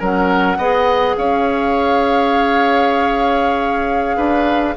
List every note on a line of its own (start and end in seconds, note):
0.00 0.58 F#3
0.00 0.58 C#4
0.00 0.58 A#4
0.00 1.17 F#5
0.58 1.15 B3
0.58 4.77 G#4
0.58 1.16 D#5
1.17 4.17 C#4
1.17 4.17 C#5
1.17 4.77 F5
4.17 4.75 D4
4.17 4.75 B4